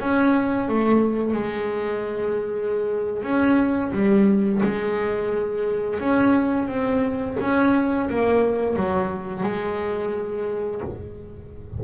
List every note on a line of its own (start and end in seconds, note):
0.00 0.69 C#4
0.69 1.34 A3
1.34 3.23 G#3
3.23 3.92 C#4
3.93 4.62 G3
4.63 6.00 G#3
6.00 6.68 C#4
6.68 7.37 C4
7.41 8.10 C#4
8.10 8.76 A#3
8.76 9.44 F#3
9.44 10.82 G#3